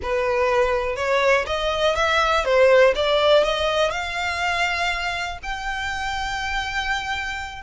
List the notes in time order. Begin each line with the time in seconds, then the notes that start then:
0.02 B4
0.96 C#5
1.46 D#5
1.95 E5
2.45 C5
2.95 D5
3.43 D#5
3.91 F5
5.42 G5